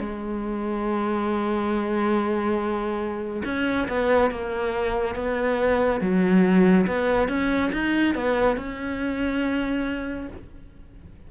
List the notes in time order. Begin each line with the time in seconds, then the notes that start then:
0.00 G#3
3.45 C#4
3.88 B3
4.31 A#3
5.16 B3
6.01 F#3
6.87 B3
7.29 C#4
7.73 D#4
8.15 B3
8.57 C#4